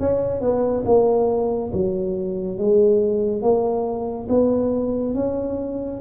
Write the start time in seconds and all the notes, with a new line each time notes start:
0.00 C#4
0.41 B3
0.86 A#3
1.73 F#3
2.58 G#3
3.42 A#3
4.29 B3
5.15 C#4